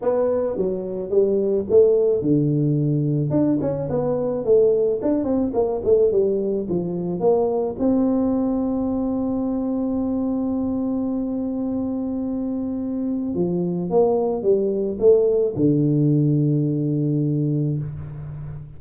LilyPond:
\new Staff \with { instrumentName = "tuba" } { \time 4/4 \tempo 4 = 108 b4 fis4 g4 a4 | d2 d'8 cis'8 b4 | a4 d'8 c'8 ais8 a8 g4 | f4 ais4 c'2~ |
c'1~ | c'1 | f4 ais4 g4 a4 | d1 | }